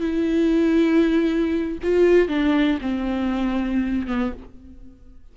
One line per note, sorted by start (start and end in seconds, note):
0.00 1.78 E4
1.83 2.28 F4
2.28 2.79 D4
2.81 4.07 C4
4.07 4.32 B3